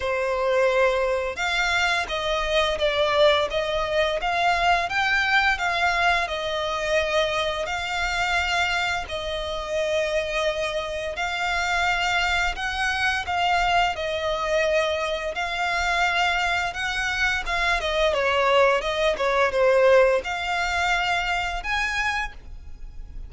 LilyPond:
\new Staff \with { instrumentName = "violin" } { \time 4/4 \tempo 4 = 86 c''2 f''4 dis''4 | d''4 dis''4 f''4 g''4 | f''4 dis''2 f''4~ | f''4 dis''2. |
f''2 fis''4 f''4 | dis''2 f''2 | fis''4 f''8 dis''8 cis''4 dis''8 cis''8 | c''4 f''2 gis''4 | }